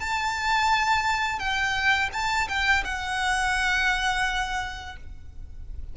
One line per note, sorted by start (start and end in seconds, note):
0.00 1.39 A5
1.39 2.10 G5
2.13 2.48 A5
2.48 2.84 G5
2.84 4.96 F#5